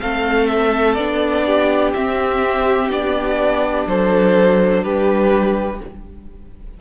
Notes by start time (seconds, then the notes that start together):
0.00 A3 C4 A4 F5
0.46 E5
0.94 B3 D4 D5
1.45 G4
1.94 C4 E5
2.89 B3 D4 D5
3.87 F#3 A4 C5
4.83 G3 G4 B4